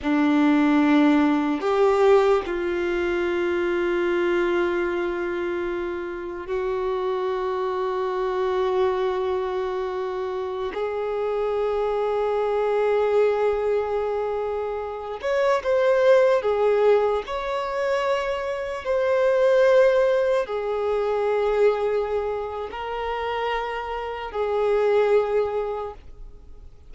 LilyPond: \new Staff \with { instrumentName = "violin" } { \time 4/4 \tempo 4 = 74 d'2 g'4 f'4~ | f'1 | fis'1~ | fis'4~ fis'16 gis'2~ gis'8.~ |
gis'2~ gis'8. cis''8 c''8.~ | c''16 gis'4 cis''2 c''8.~ | c''4~ c''16 gis'2~ gis'8. | ais'2 gis'2 | }